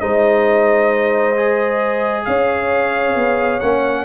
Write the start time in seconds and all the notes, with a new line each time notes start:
0.00 G#3 D#4 C5 D#5
1.36 G#4
2.25 C#4 C#5 F5
3.15 B3
3.60 A#3 C#4 F#5